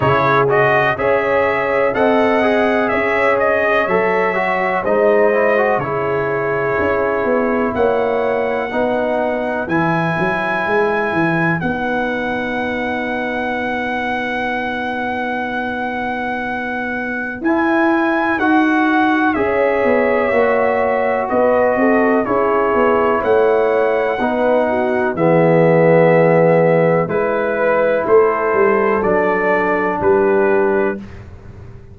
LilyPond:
<<
  \new Staff \with { instrumentName = "trumpet" } { \time 4/4 \tempo 4 = 62 cis''8 dis''8 e''4 fis''4 e''8 dis''8 | e''4 dis''4 cis''2 | fis''2 gis''2 | fis''1~ |
fis''2 gis''4 fis''4 | e''2 dis''4 cis''4 | fis''2 e''2 | b'4 c''4 d''4 b'4 | }
  \new Staff \with { instrumentName = "horn" } { \time 4/4 gis'4 cis''4 dis''4 cis''4~ | cis''4 c''4 gis'2 | cis''4 b'2.~ | b'1~ |
b'1 | cis''2 b'8 a'8 gis'4 | cis''4 b'8 fis'8 gis'2 | b'4 a'2 g'4 | }
  \new Staff \with { instrumentName = "trombone" } { \time 4/4 e'8 fis'8 gis'4 a'8 gis'4. | a'8 fis'8 dis'8 e'16 fis'16 e'2~ | e'4 dis'4 e'2 | dis'1~ |
dis'2 e'4 fis'4 | gis'4 fis'2 e'4~ | e'4 dis'4 b2 | e'2 d'2 | }
  \new Staff \with { instrumentName = "tuba" } { \time 4/4 cis4 cis'4 c'4 cis'4 | fis4 gis4 cis4 cis'8 b8 | ais4 b4 e8 fis8 gis8 e8 | b1~ |
b2 e'4 dis'4 | cis'8 b8 ais4 b8 c'8 cis'8 b8 | a4 b4 e2 | gis4 a8 g8 fis4 g4 | }
>>